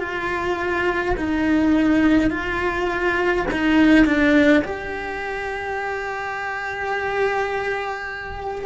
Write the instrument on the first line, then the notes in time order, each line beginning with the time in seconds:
cello
0.00 F4
1.17 D#4
2.30 F4
3.51 D#4
4.05 D4
4.64 G4